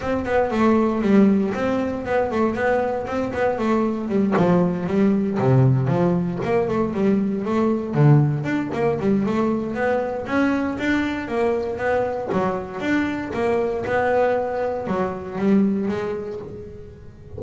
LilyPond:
\new Staff \with { instrumentName = "double bass" } { \time 4/4 \tempo 4 = 117 c'8 b8 a4 g4 c'4 | b8 a8 b4 c'8 b8 a4 | g8 f4 g4 c4 f8~ | f8 ais8 a8 g4 a4 d8~ |
d8 d'8 ais8 g8 a4 b4 | cis'4 d'4 ais4 b4 | fis4 d'4 ais4 b4~ | b4 fis4 g4 gis4 | }